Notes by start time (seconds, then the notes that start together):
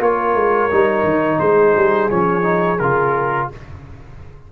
0.00 A#3 F4 A#4 C#5
0.35 G#3
0.71 G3 D#4
1.04 D#3
1.40 G#3 G#4 C5
1.76 G3
2.10 F3 C#4 C#5
2.43 D#4
2.79 C#3 F4 A#4